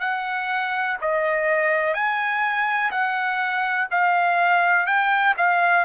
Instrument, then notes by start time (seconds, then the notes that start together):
trumpet
0.00 F#5
1.01 D#5
1.94 G#5
2.91 F#5
3.91 F5
4.86 G5
5.37 F5